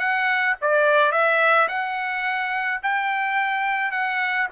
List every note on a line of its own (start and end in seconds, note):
0.00 0.56 F#5
0.62 1.12 D5
1.12 1.68 E5
1.69 2.81 F#5
2.83 3.92 G5
3.92 4.48 F#5